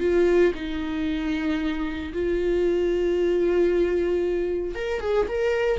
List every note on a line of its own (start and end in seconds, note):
0.00 0.53 F4
0.55 2.13 D#4
2.13 4.75 F4
4.75 5.00 A#4
5.00 5.27 G#4
5.28 5.79 A#4